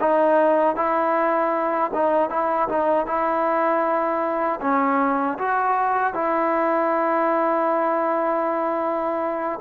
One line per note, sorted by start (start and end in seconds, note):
0.00 0.76 D#4
0.76 1.91 E4
1.94 2.29 D#4
2.29 2.68 E4
2.68 3.06 D#4
3.06 4.60 E4
4.61 5.38 C#4
5.38 6.13 F#4
6.13 9.59 E4